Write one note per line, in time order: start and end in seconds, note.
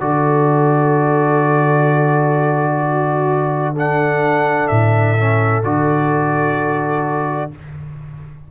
0.00 4.69 D3
0.00 3.75 F#4
0.00 2.80 A4
0.00 3.75 D5
2.80 3.73 F#4
3.73 5.17 D4
3.73 7.48 A4
3.73 4.68 F#5
4.68 5.63 A2
4.68 5.61 E5
5.18 5.64 C#4
5.63 7.51 D3
5.63 7.51 F#4
5.63 7.51 D5